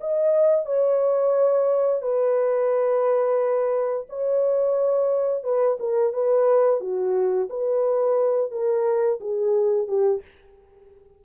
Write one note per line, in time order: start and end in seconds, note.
0.00 0.65 D#5
0.65 2.01 C#5
2.01 4.06 B4
4.09 5.43 C#5
5.43 5.77 B4
5.79 6.13 A#4
6.13 6.80 B4
6.80 7.48 F#4
7.49 8.51 B4
8.51 9.19 A#4
9.20 9.87 G#4
9.87 10.21 G4